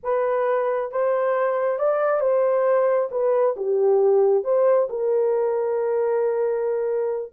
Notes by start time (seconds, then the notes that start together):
0.03 B4
0.91 C5
1.78 D5
2.20 C5
3.11 B4
3.56 G4
4.43 C5
4.89 A#4